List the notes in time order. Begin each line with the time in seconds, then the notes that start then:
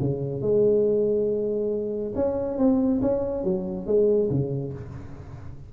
0.00 C#3
0.41 G#3
2.15 C#4
2.58 C4
3.02 C#4
3.44 F#3
3.86 G#3
4.30 C#3